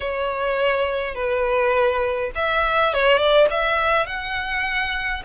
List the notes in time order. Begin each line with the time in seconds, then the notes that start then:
0.00 C#5
1.14 B4
2.35 E5
2.93 C#5
3.17 D5
3.50 E5
4.06 F#5